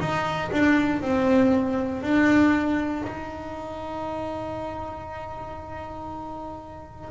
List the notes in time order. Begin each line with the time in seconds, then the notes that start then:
0.00 D#4
0.52 D4
1.02 C4
2.03 D4
3.05 D#4